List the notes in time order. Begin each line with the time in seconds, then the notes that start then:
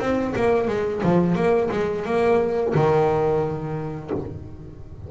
0.00 C4
0.35 A#3
0.68 G#3
1.03 F3
1.35 A#3
1.71 G#3
2.05 A#3
2.75 D#3